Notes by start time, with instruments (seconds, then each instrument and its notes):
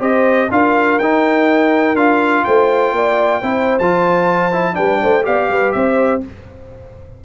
0.00 tuba C4, trombone G4, horn C5, trumpet D#5
0.51 tuba D4, trombone F4, horn A#4, trumpet F5
0.99 tuba D#4, trombone D#4, trumpet G5
1.95 tuba D4, trombone F4, trumpet F5
2.45 tuba A3, horn C5, trumpet G5
2.93 tuba A#3, horn D5
3.41 tuba C4, trombone E4, horn C5
3.79 tuba F3, trombone F4, trumpet A5
4.52 trombone E4
4.74 tuba G3, trombone D4, horn B4, trumpet G5
5.02 tuba A3, horn C5
5.23 tuba B3, trombone G4, horn D5, trumpet F5
5.49 tuba G3, horn B4
5.72 tuba C4, horn C5, trumpet E5